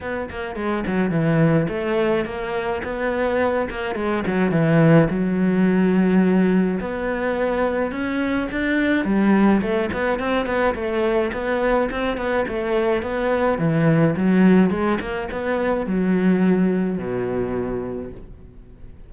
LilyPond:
\new Staff \with { instrumentName = "cello" } { \time 4/4 \tempo 4 = 106 b8 ais8 gis8 fis8 e4 a4 | ais4 b4. ais8 gis8 fis8 | e4 fis2. | b2 cis'4 d'4 |
g4 a8 b8 c'8 b8 a4 | b4 c'8 b8 a4 b4 | e4 fis4 gis8 ais8 b4 | fis2 b,2 | }